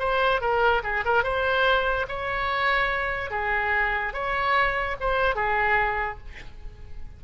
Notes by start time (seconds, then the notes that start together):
0.00 C5
0.41 A#4
0.84 G#4
1.05 A#4
1.24 C5
2.09 C#5
3.31 G#4
4.14 C#5
5.01 C5
5.36 G#4